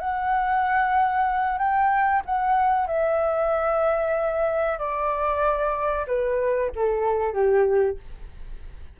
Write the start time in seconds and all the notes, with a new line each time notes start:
0.00 F#5
1.58 G5
2.26 F#5
2.87 E5
4.79 D5
6.07 B4
6.75 A4
7.33 G4